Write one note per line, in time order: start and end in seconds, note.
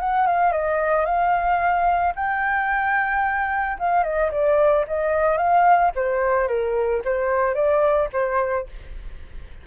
0.00 0.27 F#5
0.27 0.52 F5
0.52 1.05 D#5
1.05 2.14 F5
2.15 3.78 G5
3.79 4.03 F5
4.03 4.30 D#5
4.31 4.85 D5
4.87 5.38 D#5
5.38 5.92 F5
5.96 6.48 C5
6.48 7.02 A#4
7.04 7.55 C5
7.55 8.09 D5
8.13 8.67 C5